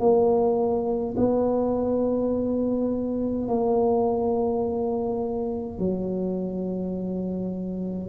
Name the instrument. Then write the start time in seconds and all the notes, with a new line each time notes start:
tuba
0.00 A#3
1.17 B3
3.48 A#3
5.78 F#3